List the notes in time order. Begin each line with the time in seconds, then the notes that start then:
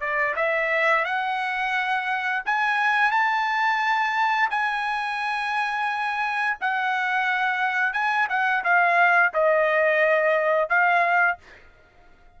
0.00 D5
0.36 E5
1.04 F#5
2.45 G#5
3.11 A5
4.50 G#5
6.60 F#5
7.93 G#5
8.29 F#5
8.63 F5
9.33 D#5
10.69 F5